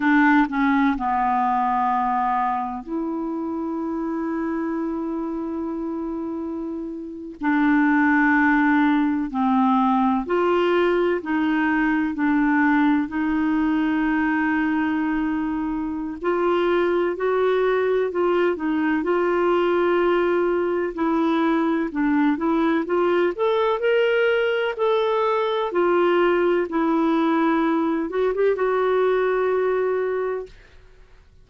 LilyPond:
\new Staff \with { instrumentName = "clarinet" } { \time 4/4 \tempo 4 = 63 d'8 cis'8 b2 e'4~ | e'2.~ e'8. d'16~ | d'4.~ d'16 c'4 f'4 dis'16~ | dis'8. d'4 dis'2~ dis'16~ |
dis'4 f'4 fis'4 f'8 dis'8 | f'2 e'4 d'8 e'8 | f'8 a'8 ais'4 a'4 f'4 | e'4. fis'16 g'16 fis'2 | }